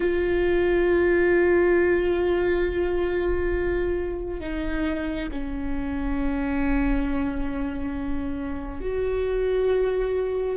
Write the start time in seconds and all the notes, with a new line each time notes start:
0.00 F4
4.40 D#4
5.31 C#4
8.80 F#4